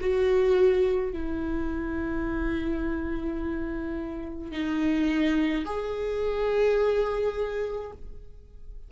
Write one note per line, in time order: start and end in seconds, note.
0.00 1.13 F#4
1.13 4.51 E4
4.51 5.64 D#4
5.65 7.91 G#4